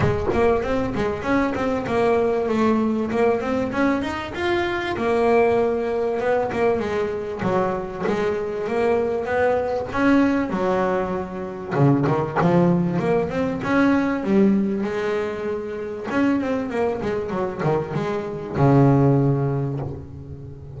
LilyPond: \new Staff \with { instrumentName = "double bass" } { \time 4/4 \tempo 4 = 97 gis8 ais8 c'8 gis8 cis'8 c'8 ais4 | a4 ais8 c'8 cis'8 dis'8 f'4 | ais2 b8 ais8 gis4 | fis4 gis4 ais4 b4 |
cis'4 fis2 cis8 dis8 | f4 ais8 c'8 cis'4 g4 | gis2 cis'8 c'8 ais8 gis8 | fis8 dis8 gis4 cis2 | }